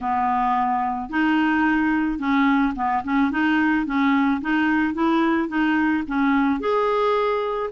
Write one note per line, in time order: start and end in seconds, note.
0.01 1.09 B3
1.09 2.18 D#4
2.18 2.73 C#4
2.75 3.03 B3
3.04 3.31 C#4
3.31 3.86 D#4
3.86 4.41 C#4
4.41 4.94 D#4
4.94 5.48 E4
5.48 6.03 D#4
6.07 6.59 C#4
6.59 7.69 G#4